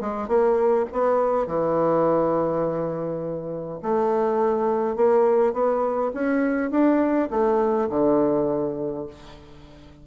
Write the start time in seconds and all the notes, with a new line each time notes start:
0.00 G#3
0.28 A#3
0.92 B3
1.47 E3
3.82 A3
4.96 A#3
5.53 B3
6.14 C#4
6.71 D4
7.30 A3
7.90 D3